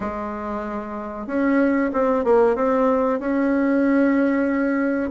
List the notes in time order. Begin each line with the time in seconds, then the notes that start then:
0.00 G#3
1.26 C#4
1.93 C4
2.24 A#3
2.55 C4
3.19 C#4